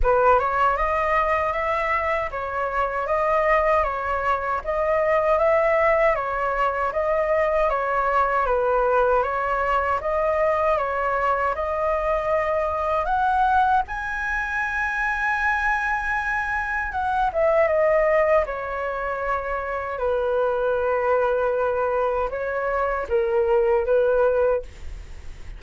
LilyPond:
\new Staff \with { instrumentName = "flute" } { \time 4/4 \tempo 4 = 78 b'8 cis''8 dis''4 e''4 cis''4 | dis''4 cis''4 dis''4 e''4 | cis''4 dis''4 cis''4 b'4 | cis''4 dis''4 cis''4 dis''4~ |
dis''4 fis''4 gis''2~ | gis''2 fis''8 e''8 dis''4 | cis''2 b'2~ | b'4 cis''4 ais'4 b'4 | }